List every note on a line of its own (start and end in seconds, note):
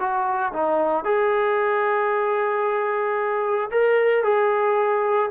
0.00 0.53 F#4
0.53 1.05 D#4
1.05 3.70 G#4
3.71 4.24 A#4
4.24 5.30 G#4